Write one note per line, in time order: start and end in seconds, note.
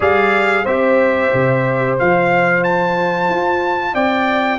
0.00 0.65 G3
0.00 0.66 G#4
0.00 0.64 D5
0.00 0.65 F5
0.64 1.31 C4
0.64 1.99 G4
0.64 3.93 C5
0.64 1.97 E5
1.33 1.99 C3
1.98 3.28 F3
1.98 4.59 F4
1.98 2.63 F5
2.63 3.94 A5
3.28 3.94 F4
3.93 4.59 C4
3.93 4.59 D5
3.93 4.59 G5